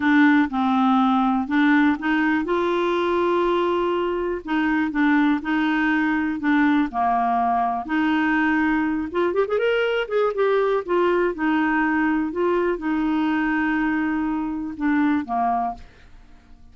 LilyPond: \new Staff \with { instrumentName = "clarinet" } { \time 4/4 \tempo 4 = 122 d'4 c'2 d'4 | dis'4 f'2.~ | f'4 dis'4 d'4 dis'4~ | dis'4 d'4 ais2 |
dis'2~ dis'8 f'8 g'16 gis'16 ais'8~ | ais'8 gis'8 g'4 f'4 dis'4~ | dis'4 f'4 dis'2~ | dis'2 d'4 ais4 | }